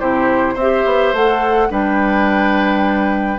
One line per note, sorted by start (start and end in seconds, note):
0.00 0.56 C3
0.00 0.57 E4
0.00 0.54 G4
0.00 0.57 C5
0.54 0.84 C4
0.54 1.68 C5
0.54 1.15 E5
0.61 1.16 G4
0.86 1.13 B3
1.13 1.70 A3
1.13 1.71 A4
1.13 1.72 F#5
1.71 3.39 G3
1.71 3.39 D4
1.71 3.39 B4
1.71 3.39 G5